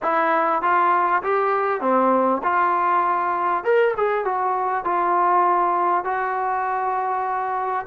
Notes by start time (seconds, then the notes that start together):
0.02 E4
0.61 F4
1.23 G4
1.80 C4
2.43 F4
3.64 A#4
3.96 G#4
4.24 F#4
4.84 F4
6.04 F#4